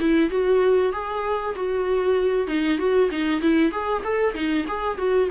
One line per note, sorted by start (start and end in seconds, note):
0.00 0.30 E4
0.30 0.92 F#4
0.92 1.55 G#4
1.56 2.47 F#4
2.47 2.78 D#4
2.78 3.10 F#4
3.11 3.41 D#4
3.41 3.72 E4
3.72 4.03 G#4
4.04 4.35 A4
4.35 4.66 D#4
4.68 4.98 G#4
4.98 5.29 F#4